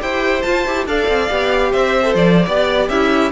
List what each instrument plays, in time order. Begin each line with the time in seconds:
0.00 cello E4, viola G4, violin C5 G5
0.42 cello F4, viola F4, violin A5
0.66 cello E4, viola G4
0.86 cello D4, viola A4, violin D5 F5
1.08 cello C4
1.29 cello B3, viola G4
1.71 cello C4, violin C5 E5
2.02 viola A4
2.14 cello F3, violin D5
2.45 cello B3, viola G4, violin D5
2.89 cello C#4, violin E4 E5